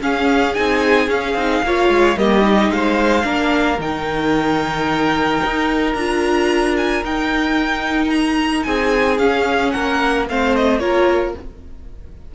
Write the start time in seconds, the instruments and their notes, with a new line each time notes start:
0.00 cello C#4, viola C#4, violin G#4 F5
0.54 cello C4, viola D#4, violin G#5
1.08 cello C#4, viola C#4, violin F5
1.34 cello C4, viola D#4
1.62 cello A#3, viola F4, violin C#5
1.89 cello G#3
2.17 cello G3, viola A#3, violin G4 D#5
2.41 viola D#4
2.69 cello G#3, violin C5 F5
3.22 cello A#3, viola D4, violin A#4
3.78 cello D#3, viola D#4, violin G5
5.43 cello D#4
5.94 cello D4, viola F4, violin A#5
6.76 violin G#5
7.03 cello D#4, viola D#4, violin G5
8.09 violin A#5
8.63 cello C4, violin G#4 G#5
9.18 cello C#4, viola C#4, violin F5
9.71 cello A#3, violin A#4 F#5
10.29 cello A3, viola C4, violin C5 F5
10.55 violin D#5
10.78 cello A#3, viola F4, violin A#4 C#5